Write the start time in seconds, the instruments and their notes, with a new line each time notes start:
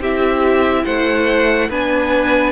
0.00 cello C4, viola E4, violin G4 E5
0.84 cello A3, violin C5 F#5
1.70 cello B3, viola D4, violin B4 G#5